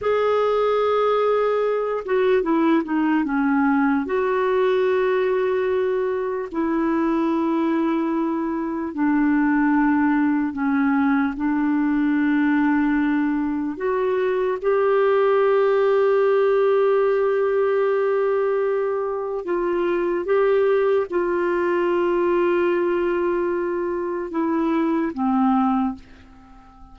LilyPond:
\new Staff \with { instrumentName = "clarinet" } { \time 4/4 \tempo 4 = 74 gis'2~ gis'8 fis'8 e'8 dis'8 | cis'4 fis'2. | e'2. d'4~ | d'4 cis'4 d'2~ |
d'4 fis'4 g'2~ | g'1 | f'4 g'4 f'2~ | f'2 e'4 c'4 | }